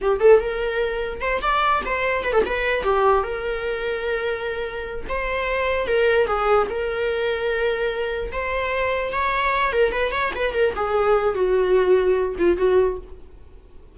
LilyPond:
\new Staff \with { instrumentName = "viola" } { \time 4/4 \tempo 4 = 148 g'8 a'8 ais'2 c''8 d''8~ | d''8 c''4 b'16 a'16 b'4 g'4 | ais'1~ | ais'8 c''2 ais'4 gis'8~ |
gis'8 ais'2.~ ais'8~ | ais'8 c''2 cis''4. | ais'8 b'8 cis''8 b'8 ais'8 gis'4. | fis'2~ fis'8 f'8 fis'4 | }